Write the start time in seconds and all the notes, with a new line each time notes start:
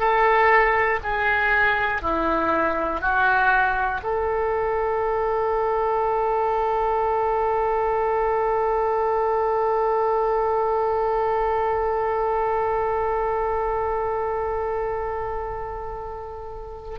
0.00 A4
1.04 G#4
2.02 E4
3.02 F#4
4.03 A4